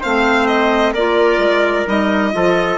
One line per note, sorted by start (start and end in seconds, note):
0.00 0.94 A3
0.00 0.96 C4
0.00 0.92 C5
0.00 0.47 F5
0.47 0.93 D#5
0.93 1.38 A#3
0.93 1.86 F4
0.93 2.31 A#4
0.93 1.86 D5
1.38 1.84 G#3
1.86 2.33 G3
1.86 2.32 D#4
1.86 2.78 D#5
2.32 2.78 F3
2.32 2.78 F4
2.32 2.78 A4